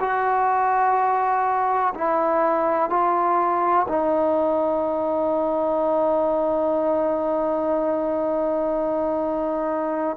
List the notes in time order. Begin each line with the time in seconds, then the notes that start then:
0.00 F#4
1.94 E4
2.90 F4
3.88 D#4